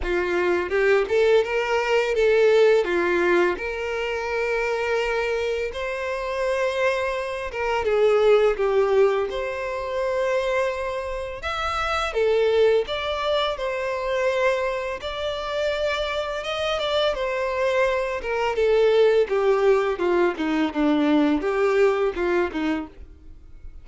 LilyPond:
\new Staff \with { instrumentName = "violin" } { \time 4/4 \tempo 4 = 84 f'4 g'8 a'8 ais'4 a'4 | f'4 ais'2. | c''2~ c''8 ais'8 gis'4 | g'4 c''2. |
e''4 a'4 d''4 c''4~ | c''4 d''2 dis''8 d''8 | c''4. ais'8 a'4 g'4 | f'8 dis'8 d'4 g'4 f'8 dis'8 | }